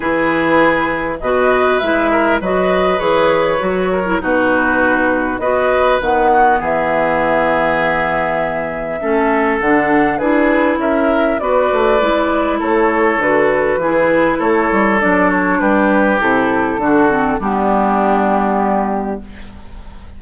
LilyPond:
<<
  \new Staff \with { instrumentName = "flute" } { \time 4/4 \tempo 4 = 100 b'2 dis''4 e''4 | dis''4 cis''2 b'4~ | b'4 dis''4 fis''4 e''4~ | e''1 |
fis''4 b'4 e''4 d''4~ | d''4 cis''4 b'2 | cis''4 d''8 cis''8 b'4 a'4~ | a'4 g'2. | }
  \new Staff \with { instrumentName = "oboe" } { \time 4/4 gis'2 b'4. ais'8 | b'2~ b'8 ais'8 fis'4~ | fis'4 b'4. fis'8 gis'4~ | gis'2. a'4~ |
a'4 gis'4 ais'4 b'4~ | b'4 a'2 gis'4 | a'2 g'2 | fis'4 d'2. | }
  \new Staff \with { instrumentName = "clarinet" } { \time 4/4 e'2 fis'4 e'4 | fis'4 gis'4 fis'8. e'16 dis'4~ | dis'4 fis'4 b2~ | b2. cis'4 |
d'4 e'2 fis'4 | e'2 fis'4 e'4~ | e'4 d'2 e'4 | d'8 c'8 b2. | }
  \new Staff \with { instrumentName = "bassoon" } { \time 4/4 e2 b,4 gis4 | fis4 e4 fis4 b,4~ | b,4 b4 dis4 e4~ | e2. a4 |
d4 d'4 cis'4 b8 a8 | gis4 a4 d4 e4 | a8 g8 fis4 g4 c4 | d4 g2. | }
>>